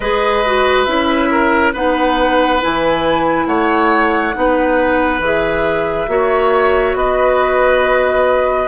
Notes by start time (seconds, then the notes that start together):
0.00 G#3 G#4 B4 D#5
0.45 F#4
0.84 C#4 E4 E5
1.31 A#4
1.73 B3 D#4 B4 F#5
2.60 E3 E4 G#5
3.46 A3 C#5 F#5
4.33 B3 D#4 B4
5.19 E3 G#4 E5
6.08 A#3 F#4 C#5
6.94 B3 B4 D#5